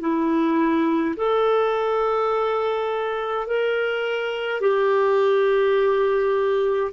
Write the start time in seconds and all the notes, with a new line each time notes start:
0.00 E4
1.16 A4
3.47 A#4
4.60 G4